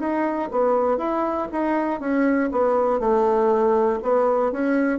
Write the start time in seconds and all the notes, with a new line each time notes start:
0.00 D#4
0.52 B3
0.98 E4
1.53 D#4
2.01 C#4
2.52 B3
3.00 A3
4.03 B3
4.52 C#4